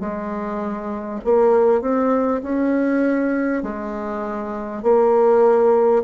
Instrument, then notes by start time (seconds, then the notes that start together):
bassoon
0.00 G#3
1.25 A#3
1.82 C4
2.43 C#4
3.63 G#3
4.83 A#3